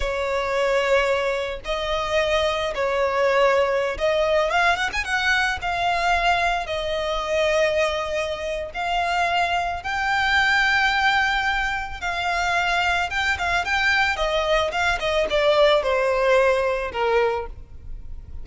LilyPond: \new Staff \with { instrumentName = "violin" } { \time 4/4 \tempo 4 = 110 cis''2. dis''4~ | dis''4 cis''2~ cis''16 dis''8.~ | dis''16 f''8 fis''16 gis''16 fis''4 f''4.~ f''16~ | f''16 dis''2.~ dis''8. |
f''2 g''2~ | g''2 f''2 | g''8 f''8 g''4 dis''4 f''8 dis''8 | d''4 c''2 ais'4 | }